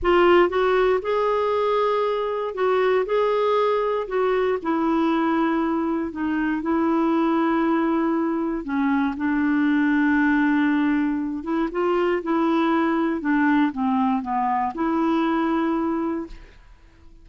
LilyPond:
\new Staff \with { instrumentName = "clarinet" } { \time 4/4 \tempo 4 = 118 f'4 fis'4 gis'2~ | gis'4 fis'4 gis'2 | fis'4 e'2. | dis'4 e'2.~ |
e'4 cis'4 d'2~ | d'2~ d'8 e'8 f'4 | e'2 d'4 c'4 | b4 e'2. | }